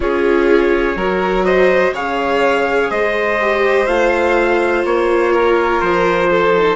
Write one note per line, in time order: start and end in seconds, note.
0.00 0.95 C#4
0.00 0.96 F4
0.00 0.96 G#4
0.00 1.44 C#5
0.95 1.92 F#3
0.95 1.94 F#4
0.95 1.45 A#4
1.44 1.93 C5
1.44 1.92 D#5
1.92 2.89 C#3
1.92 3.39 G#4
1.92 2.90 C#5
1.92 2.90 F5
2.90 3.87 G#3
2.90 5.32 C5
2.90 3.86 D#5
3.41 3.87 G4
3.86 4.84 A3
3.86 6.53 F4
3.86 4.83 F5
4.84 5.81 A#3
4.84 5.80 C#5
5.32 6.29 A#4
5.80 6.75 F3
5.80 6.75 C5
6.30 6.75 A4
6.56 6.75 D#4